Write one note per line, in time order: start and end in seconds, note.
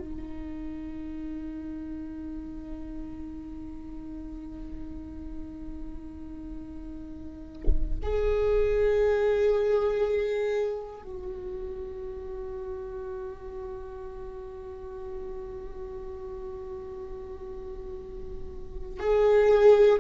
0.00 8.00 D#4
8.03 11.03 G#4
11.03 19.00 F#4
19.00 20.00 G#4